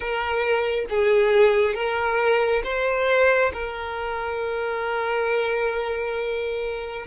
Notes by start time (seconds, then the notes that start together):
0.00 A#4
0.89 G#4
1.74 A#4
2.64 C5
3.53 A#4